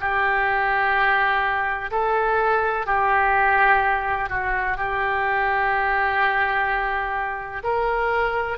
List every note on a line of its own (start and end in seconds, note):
0.00 1.90 G4
1.91 2.86 A4
2.86 4.29 G4
4.29 4.77 F#4
4.77 7.62 G4
7.63 8.58 A#4